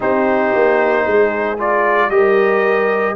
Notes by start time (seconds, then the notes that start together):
0.00 C4 D#4 G4 C5
0.54 A#3
1.05 G#3 G#4
1.57 F4 D5
2.09 G3 G4 A#4 D#5